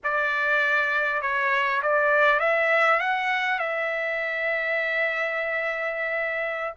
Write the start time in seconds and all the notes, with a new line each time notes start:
0.03 D5
1.21 C#5
1.82 D5
2.39 E5
2.99 F#5
3.59 E5